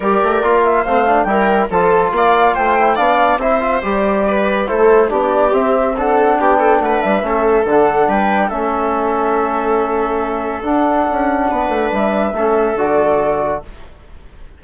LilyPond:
<<
  \new Staff \with { instrumentName = "flute" } { \time 4/4 \tempo 4 = 141 d''4. e''8 f''4 g''4 | a''4 f''4 g''4 f''4 | e''4 d''2 c''4 | d''4 e''4 fis''4 g''4 |
fis''8 e''4. fis''4 g''4 | e''1~ | e''4 fis''2. | e''2 d''2 | }
  \new Staff \with { instrumentName = "viola" } { \time 4/4 ais'2 c''4 ais'4 | a'4 d''4 c''4 d''4 | c''2 b'4 a'4 | g'2 a'4 g'8 a'8 |
b'4 a'2 b'4 | a'1~ | a'2. b'4~ | b'4 a'2. | }
  \new Staff \with { instrumentName = "trombone" } { \time 4/4 g'4 f'4 c'8 d'8 e'4 | f'2~ f'8 e'8 d'4 | e'8 f'8 g'2 e'4 | d'4 c'4 d'2~ |
d'4 cis'4 d'2 | cis'1~ | cis'4 d'2.~ | d'4 cis'4 fis'2 | }
  \new Staff \with { instrumentName = "bassoon" } { \time 4/4 g8 a8 ais4 a4 g4 | f4 ais4 a4 b4 | c'4 g2 a4 | b4 c'2 b4 |
a8 g8 a4 d4 g4 | a1~ | a4 d'4 cis'4 b8 a8 | g4 a4 d2 | }
>>